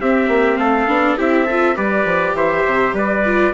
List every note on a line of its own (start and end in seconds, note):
0.00 0.27 C4
0.00 0.87 C4
0.00 0.59 G4
0.00 0.56 E5
0.27 0.57 A#3
0.56 0.87 A3
0.56 1.18 A4
0.56 1.15 F5
0.87 1.16 B3
0.87 1.17 D4
1.17 1.77 C4
1.17 1.46 E4
1.17 1.45 G4
1.17 1.77 E5
1.45 1.75 F4
1.45 1.75 A4
1.75 2.04 G3
1.75 3.22 G4
1.75 2.35 B4
1.75 2.35 D5
2.04 2.33 F3
2.33 2.62 E3
2.33 2.94 C5
2.33 2.95 E5
2.66 2.93 C3
2.93 3.51 G3
2.93 3.53 B4
2.93 3.53 D5
3.25 3.53 F4